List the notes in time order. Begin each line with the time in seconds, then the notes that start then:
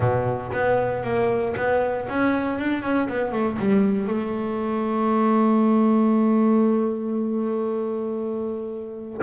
0.00 B2
0.52 B3
1.03 A#3
1.56 B3
2.08 C#4
2.58 D4
2.82 C#4
3.08 B3
3.32 A3
3.59 G3
4.07 A3